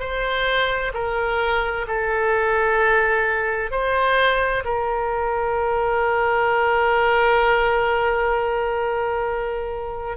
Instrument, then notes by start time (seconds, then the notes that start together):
oboe
0.00 C5
0.94 A#4
1.88 A4
3.71 C5
4.65 A#4